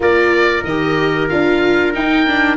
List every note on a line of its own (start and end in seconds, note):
0.00 0.64 A#3
0.00 0.63 F4
0.00 2.56 A#4
0.00 0.64 D5
0.64 1.28 D#3
0.64 1.29 G4
0.64 1.28 D#5
1.28 1.95 D4
1.28 1.93 F4
1.28 1.93 F5
1.93 2.25 D#4
1.93 2.56 D#4
1.93 2.56 G5
2.26 2.56 D4